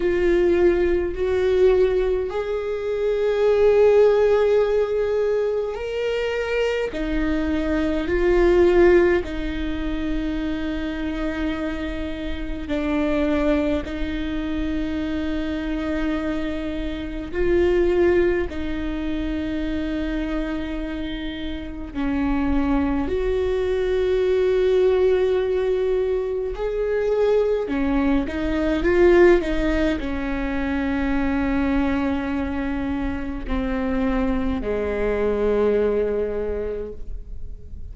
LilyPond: \new Staff \with { instrumentName = "viola" } { \time 4/4 \tempo 4 = 52 f'4 fis'4 gis'2~ | gis'4 ais'4 dis'4 f'4 | dis'2. d'4 | dis'2. f'4 |
dis'2. cis'4 | fis'2. gis'4 | cis'8 dis'8 f'8 dis'8 cis'2~ | cis'4 c'4 gis2 | }